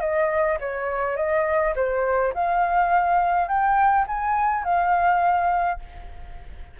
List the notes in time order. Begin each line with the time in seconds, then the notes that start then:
0.00 D#5
0.60 C#5
1.16 D#5
1.75 C5
2.34 F5
3.48 G5
4.07 G#5
4.64 F5